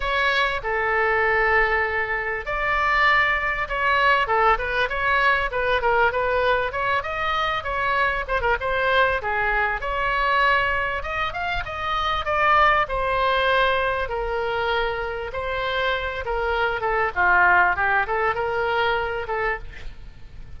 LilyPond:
\new Staff \with { instrumentName = "oboe" } { \time 4/4 \tempo 4 = 98 cis''4 a'2. | d''2 cis''4 a'8 b'8 | cis''4 b'8 ais'8 b'4 cis''8 dis''8~ | dis''8 cis''4 c''16 ais'16 c''4 gis'4 |
cis''2 dis''8 f''8 dis''4 | d''4 c''2 ais'4~ | ais'4 c''4. ais'4 a'8 | f'4 g'8 a'8 ais'4. a'8 | }